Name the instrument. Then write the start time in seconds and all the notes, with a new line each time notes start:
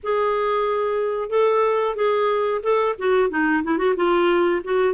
clarinet
0.03 G#4
1.29 A4
1.95 G#4
2.62 A4
2.98 F#4
3.30 D#4
3.63 E4
3.77 F#4
3.96 F4
4.63 F#4